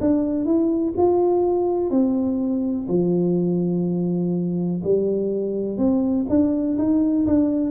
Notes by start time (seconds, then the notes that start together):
0.00 D4
0.45 E4
0.97 F4
1.90 C4
2.89 F3
4.83 G3
5.77 C4
6.29 D4
6.78 D#4
7.27 D4